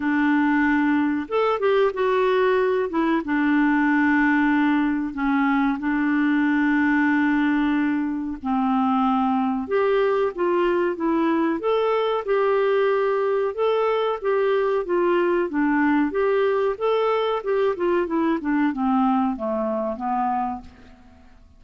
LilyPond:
\new Staff \with { instrumentName = "clarinet" } { \time 4/4 \tempo 4 = 93 d'2 a'8 g'8 fis'4~ | fis'8 e'8 d'2. | cis'4 d'2.~ | d'4 c'2 g'4 |
f'4 e'4 a'4 g'4~ | g'4 a'4 g'4 f'4 | d'4 g'4 a'4 g'8 f'8 | e'8 d'8 c'4 a4 b4 | }